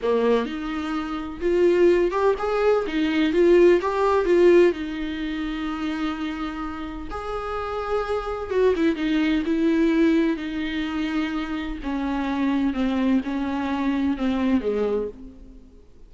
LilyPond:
\new Staff \with { instrumentName = "viola" } { \time 4/4 \tempo 4 = 127 ais4 dis'2 f'4~ | f'8 g'8 gis'4 dis'4 f'4 | g'4 f'4 dis'2~ | dis'2. gis'4~ |
gis'2 fis'8 e'8 dis'4 | e'2 dis'2~ | dis'4 cis'2 c'4 | cis'2 c'4 gis4 | }